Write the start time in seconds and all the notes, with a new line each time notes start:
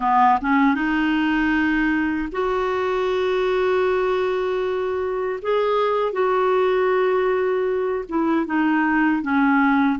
0.00 B3
0.41 C#4
0.74 D#4
2.31 F#4
5.42 G#4
6.12 F#4
8.08 E4
8.45 D#4
9.22 C#4